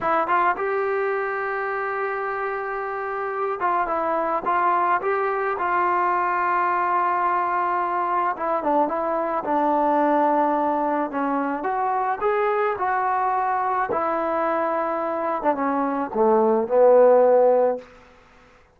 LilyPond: \new Staff \with { instrumentName = "trombone" } { \time 4/4 \tempo 4 = 108 e'8 f'8 g'2.~ | g'2~ g'8 f'8 e'4 | f'4 g'4 f'2~ | f'2. e'8 d'8 |
e'4 d'2. | cis'4 fis'4 gis'4 fis'4~ | fis'4 e'2~ e'8. d'16 | cis'4 a4 b2 | }